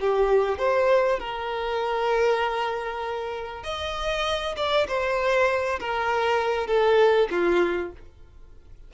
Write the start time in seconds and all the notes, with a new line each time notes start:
0.00 G4
0.58 C5
1.19 A#4
3.63 D#5
4.56 D5
4.87 C5
5.80 A#4
6.67 A4
7.30 F4